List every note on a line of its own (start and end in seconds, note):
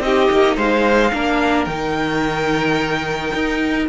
0.00 0.28 C4
0.00 1.11 D#4
0.00 0.57 G4
0.00 0.57 D#5
0.31 0.57 A#3
0.57 1.12 G#3
0.57 1.12 C5
0.57 1.65 F5
1.13 1.67 A#3
1.13 1.69 D4
1.13 3.88 A#4
1.65 3.32 D#3
1.65 3.89 D#4
1.65 3.85 G5
3.34 3.89 D#4